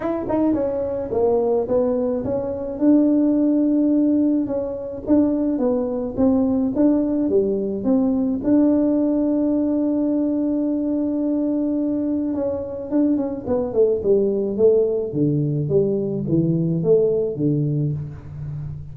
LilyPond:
\new Staff \with { instrumentName = "tuba" } { \time 4/4 \tempo 4 = 107 e'8 dis'8 cis'4 ais4 b4 | cis'4 d'2. | cis'4 d'4 b4 c'4 | d'4 g4 c'4 d'4~ |
d'1~ | d'2 cis'4 d'8 cis'8 | b8 a8 g4 a4 d4 | g4 e4 a4 d4 | }